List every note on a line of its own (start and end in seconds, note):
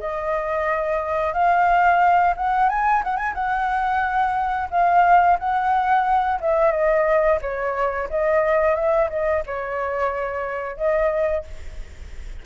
0.00 1.34 D#5
1.34 2.35 F5
2.37 2.70 F#5
2.70 3.03 G#5
3.04 3.17 F#5
3.17 3.34 G#5
3.35 4.69 F#5
4.71 5.38 F5
5.39 6.40 F#5
6.41 6.72 E5
6.72 7.39 D#5
7.42 8.09 C#5
8.10 8.75 D#5
8.75 9.09 E5
9.10 9.44 D#5
9.47 10.77 C#5
10.77 11.45 D#5